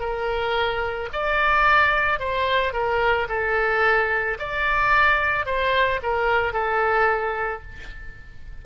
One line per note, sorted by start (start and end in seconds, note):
0.00 1.09 A#4
1.13 2.20 D5
2.20 2.73 C5
2.73 3.28 A#4
3.29 4.38 A4
4.39 5.46 D5
5.46 6.00 C5
6.03 6.54 A#4
6.54 7.63 A4